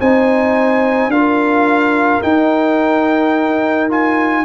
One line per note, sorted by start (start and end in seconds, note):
0.00 1.08 C4
0.00 1.12 D#4
0.00 1.11 C5
0.00 1.11 G#5
1.08 2.19 D4
1.08 2.23 F4
1.08 4.45 A#4
1.08 2.22 F5
2.23 4.45 D#4
2.23 3.90 D#4
2.23 3.90 G5
3.90 4.45 F4
3.90 4.45 G#5